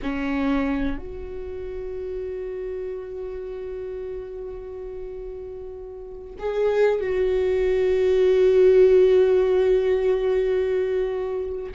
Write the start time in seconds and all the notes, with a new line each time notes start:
0.02 C#4
0.98 F#4
6.38 G#4
7.00 F#4